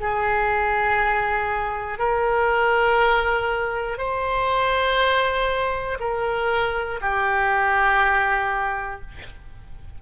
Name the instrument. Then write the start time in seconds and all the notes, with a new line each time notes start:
oboe
0.00 G#4
1.99 A#4
3.98 C5
5.99 A#4
7.01 G4